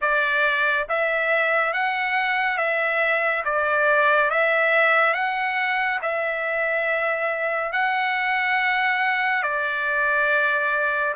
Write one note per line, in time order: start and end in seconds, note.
0.01 0.86 D5
0.88 1.73 E5
1.73 2.57 F#5
2.57 3.43 E5
3.44 4.30 D5
4.30 5.14 E5
5.14 5.99 F#5
6.02 7.72 E5
7.72 9.42 F#5
9.42 11.14 D5